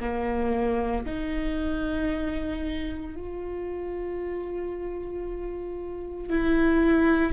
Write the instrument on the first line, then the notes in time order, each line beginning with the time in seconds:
viola
0.00 A#3
1.06 D#4
3.16 F4
6.30 E4